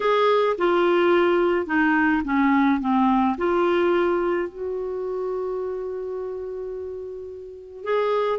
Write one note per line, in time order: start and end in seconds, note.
0.00 0.56 G#4
0.58 1.66 F4
1.66 2.22 D#4
2.24 2.80 C#4
2.80 3.36 C4
3.37 4.48 F4
4.48 7.84 F#4
7.84 8.39 G#4